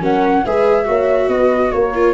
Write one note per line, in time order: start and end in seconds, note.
0.00 0.43 F#3
0.00 0.43 C#4
0.00 0.44 A#4
0.00 0.45 F#5
0.44 0.88 G#3
0.44 0.84 G#4
0.44 0.87 B4
0.44 1.29 E5
0.84 1.28 A#3
0.84 1.91 F#4
0.84 1.31 C#5
1.28 1.71 B3
1.28 1.74 B4
1.28 1.71 D#5
1.71 2.13 A#3
1.71 2.13 A#4
1.71 2.13 C#5
1.94 2.13 F4